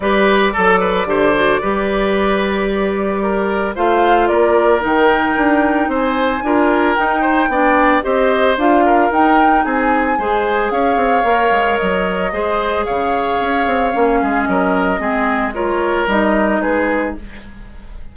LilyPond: <<
  \new Staff \with { instrumentName = "flute" } { \time 4/4 \tempo 4 = 112 d''1~ | d''2. f''4 | d''4 g''2 gis''4~ | gis''4 g''2 dis''4 |
f''4 g''4 gis''2 | f''2 dis''2 | f''2. dis''4~ | dis''4 cis''4 dis''4 b'4 | }
  \new Staff \with { instrumentName = "oboe" } { \time 4/4 b'4 a'8 b'8 c''4 b'4~ | b'2 ais'4 c''4 | ais'2. c''4 | ais'4. c''8 d''4 c''4~ |
c''8 ais'4. gis'4 c''4 | cis''2. c''4 | cis''2~ cis''8 gis'8 ais'4 | gis'4 ais'2 gis'4 | }
  \new Staff \with { instrumentName = "clarinet" } { \time 4/4 g'4 a'4 g'8 fis'8 g'4~ | g'2. f'4~ | f'4 dis'2. | f'4 dis'4 d'4 g'4 |
f'4 dis'2 gis'4~ | gis'4 ais'2 gis'4~ | gis'2 cis'2 | c'4 f'4 dis'2 | }
  \new Staff \with { instrumentName = "bassoon" } { \time 4/4 g4 fis4 d4 g4~ | g2. a4 | ais4 dis4 d'4 c'4 | d'4 dis'4 b4 c'4 |
d'4 dis'4 c'4 gis4 | cis'8 c'8 ais8 gis8 fis4 gis4 | cis4 cis'8 c'8 ais8 gis8 fis4 | gis2 g4 gis4 | }
>>